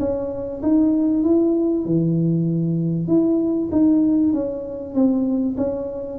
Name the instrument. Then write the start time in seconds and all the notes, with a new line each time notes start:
tuba
0.00 C#4
0.63 D#4
1.24 E4
1.86 E3
3.08 E4
3.72 D#4
4.34 C#4
4.95 C4
5.58 C#4